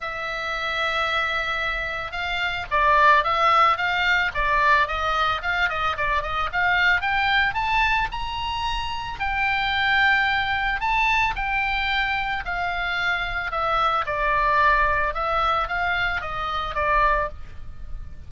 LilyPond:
\new Staff \with { instrumentName = "oboe" } { \time 4/4 \tempo 4 = 111 e''1 | f''4 d''4 e''4 f''4 | d''4 dis''4 f''8 dis''8 d''8 dis''8 | f''4 g''4 a''4 ais''4~ |
ais''4 g''2. | a''4 g''2 f''4~ | f''4 e''4 d''2 | e''4 f''4 dis''4 d''4 | }